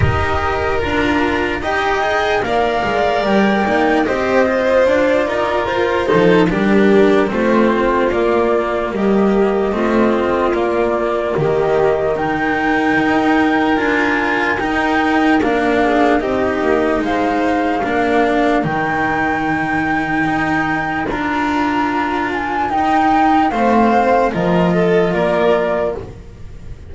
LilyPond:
<<
  \new Staff \with { instrumentName = "flute" } { \time 4/4 \tempo 4 = 74 dis''4 ais''4 g''4 f''4 | g''4 dis''4 d''4 c''4 | ais'4 c''4 d''4 dis''4~ | dis''4 d''4 dis''4 g''4~ |
g''4 gis''4 g''4 f''4 | dis''4 f''2 g''4~ | g''2 ais''4. gis''8 | g''4 f''4 dis''4 d''4 | }
  \new Staff \with { instrumentName = "violin" } { \time 4/4 ais'2 dis''4 d''4~ | d''4 c''4. ais'4 a'8 | g'4 f'2 g'4 | f'2 g'4 ais'4~ |
ais'2.~ ais'8 gis'8 | g'4 c''4 ais'2~ | ais'1~ | ais'4 c''4 ais'8 a'8 ais'4 | }
  \new Staff \with { instrumentName = "cello" } { \time 4/4 g'4 f'4 g'8 gis'8 ais'4~ | ais'8 dis'8 g'8 f'2 dis'8 | d'4 c'4 ais2 | c'4 ais2 dis'4~ |
dis'4 f'4 dis'4 d'4 | dis'2 d'4 dis'4~ | dis'2 f'2 | dis'4 c'4 f'2 | }
  \new Staff \with { instrumentName = "double bass" } { \time 4/4 dis'4 d'4 dis'4 ais8 gis8 | g8 ais8 c'4 d'8 dis'8 f'8 f8 | g4 a4 ais4 g4 | a4 ais4 dis2 |
dis'4 d'4 dis'4 ais4 | c'8 ais8 gis4 ais4 dis4~ | dis4 dis'4 d'2 | dis'4 a4 f4 ais4 | }
>>